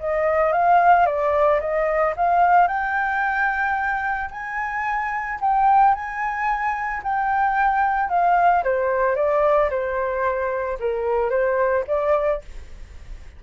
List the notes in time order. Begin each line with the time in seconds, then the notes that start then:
0.00 D#5
0.53 F5
1.06 D5
1.61 D#5
2.17 F5
2.68 G5
4.31 G#5
5.41 G5
5.95 G#5
7.03 G5
8.10 F5
8.64 C5
9.16 D5
9.71 C5
10.80 A#4
11.30 C5
11.88 D5